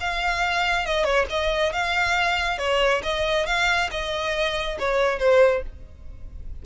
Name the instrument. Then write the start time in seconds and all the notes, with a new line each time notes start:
violin
0.00 F5
0.86 D#5
1.04 C#5
1.30 D#5
1.73 F5
2.58 C#5
3.03 D#5
3.46 F5
3.91 D#5
4.79 C#5
5.19 C5